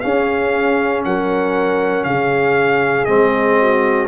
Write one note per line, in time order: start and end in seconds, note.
0.00 3.07 C#4
0.00 1.05 C#4
0.00 1.04 G#4
0.00 1.02 F5
1.05 2.05 F#3
1.05 2.07 A#4
1.05 2.04 F#5
2.04 3.07 C#3
2.04 3.60 G#4
2.04 3.05 F5
3.05 4.07 G#3
3.05 4.07 C4
3.05 4.07 D#5
3.60 4.07 F#4